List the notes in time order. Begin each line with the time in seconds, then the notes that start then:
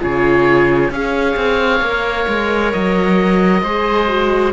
0.00 C#3 F4 G#4 C#5
0.90 C#4 G#4 C#5 F5
1.36 C4
1.80 A#3 A#4
2.27 G#3
2.72 F#3 D#5
3.62 G#3 G#4 C5
4.08 F#4